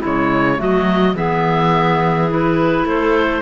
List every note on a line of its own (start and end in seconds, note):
0.00 0.60 C#3
0.00 0.57 G#3
0.00 0.57 E4
0.00 0.62 C#5
0.57 1.15 F#3
0.57 1.14 A3
0.57 1.14 F#4
0.57 1.17 D#5
1.15 2.84 E3
1.15 2.29 B3
1.15 2.85 G#4
1.15 2.30 E5
2.29 3.42 E4
2.29 2.88 B4
2.84 3.41 A3
2.84 3.43 A4
2.84 3.43 C5